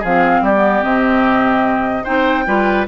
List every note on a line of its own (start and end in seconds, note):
0.00 0.41 F3
0.00 0.55 C4
0.00 0.41 G#4
0.00 0.45 F5
0.41 0.82 G3
0.41 2.03 G4
0.41 0.83 D5
0.55 0.83 B3
0.83 2.04 C3
0.83 2.04 C4
0.83 2.04 D#5
2.03 2.46 C4
2.03 2.45 D#4
2.03 2.44 C5
2.03 2.85 G5
2.46 2.87 G3
2.46 2.86 F4
2.46 2.87 B4